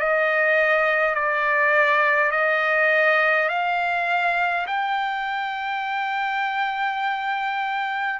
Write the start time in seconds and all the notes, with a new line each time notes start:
0.00 D#5
1.15 D5
2.32 D#5
3.49 F5
4.67 G5